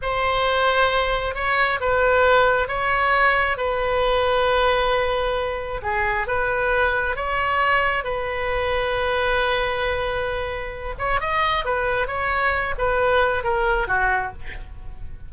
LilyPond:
\new Staff \with { instrumentName = "oboe" } { \time 4/4 \tempo 4 = 134 c''2. cis''4 | b'2 cis''2 | b'1~ | b'4 gis'4 b'2 |
cis''2 b'2~ | b'1~ | b'8 cis''8 dis''4 b'4 cis''4~ | cis''8 b'4. ais'4 fis'4 | }